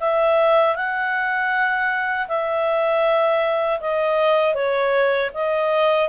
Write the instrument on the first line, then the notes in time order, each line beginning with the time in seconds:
clarinet
0.00 E5
0.76 F#5
2.28 E5
3.80 D#5
4.54 C#5
5.34 D#5